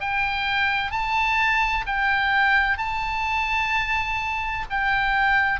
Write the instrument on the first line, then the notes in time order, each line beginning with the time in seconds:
oboe
0.00 G5
0.91 A5
1.86 G5
2.77 A5
4.70 G5